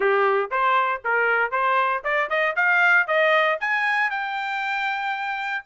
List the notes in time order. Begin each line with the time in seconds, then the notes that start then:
0.00 G4
0.50 C5
1.04 A#4
1.51 C5
2.03 D5
2.29 D#5
2.56 F5
3.07 D#5
3.60 G#5
4.10 G5